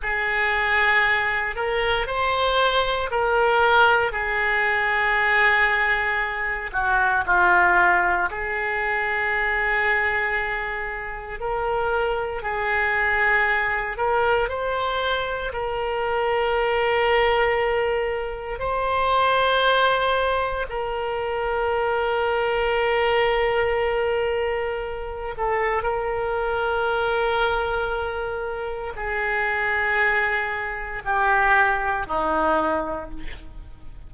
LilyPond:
\new Staff \with { instrumentName = "oboe" } { \time 4/4 \tempo 4 = 58 gis'4. ais'8 c''4 ais'4 | gis'2~ gis'8 fis'8 f'4 | gis'2. ais'4 | gis'4. ais'8 c''4 ais'4~ |
ais'2 c''2 | ais'1~ | ais'8 a'8 ais'2. | gis'2 g'4 dis'4 | }